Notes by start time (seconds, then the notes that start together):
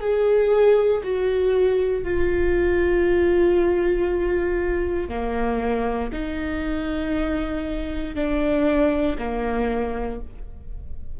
0.00 G#4
1.03 F#4
2.03 F4
5.08 A#3
6.12 D#4
8.15 D4
9.18 A#3